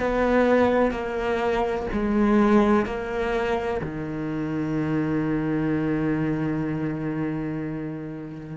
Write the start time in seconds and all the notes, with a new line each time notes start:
0.00 B3
0.91 A#3
1.94 G#3
2.86 A#3
3.82 D#3